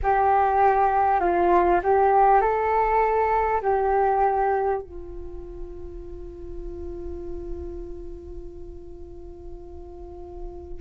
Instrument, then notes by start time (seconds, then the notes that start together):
flute
0.02 G4
1.20 F4
1.83 G4
2.41 A4
3.61 G4
4.81 F4